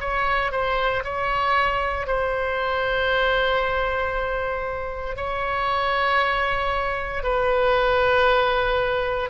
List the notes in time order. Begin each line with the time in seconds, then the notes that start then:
0.00 C#5
0.52 C5
1.04 C#5
2.07 C5
5.16 C#5
7.23 B4